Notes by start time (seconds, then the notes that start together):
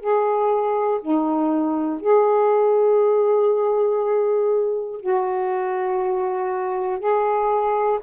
0.00 G#4
1.01 D#4
2.01 G#4
5.01 F#4
6.99 G#4